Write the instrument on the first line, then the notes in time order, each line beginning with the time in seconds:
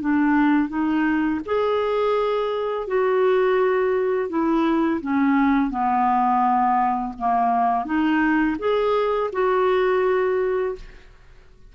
clarinet
0.00 D4
0.69 D#4
1.45 G#4
2.87 F#4
4.29 E4
5.01 C#4
5.70 B3
7.18 A#3
7.85 D#4
8.58 G#4
9.32 F#4